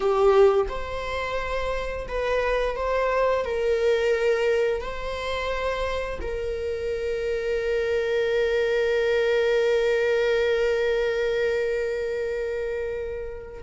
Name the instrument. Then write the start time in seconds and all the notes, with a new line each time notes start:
viola
0.00 G4
0.69 C5
2.08 B4
2.76 C5
3.45 A#4
4.81 C5
6.21 A#4